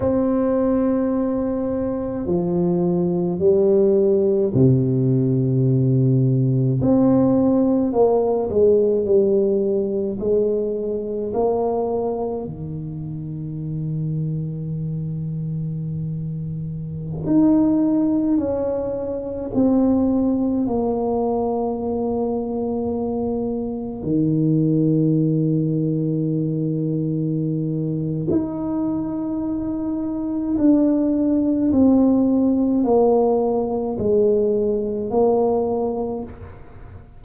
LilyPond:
\new Staff \with { instrumentName = "tuba" } { \time 4/4 \tempo 4 = 53 c'2 f4 g4 | c2 c'4 ais8 gis8 | g4 gis4 ais4 dis4~ | dis2.~ dis16 dis'8.~ |
dis'16 cis'4 c'4 ais4.~ ais16~ | ais4~ ais16 dis2~ dis8.~ | dis4 dis'2 d'4 | c'4 ais4 gis4 ais4 | }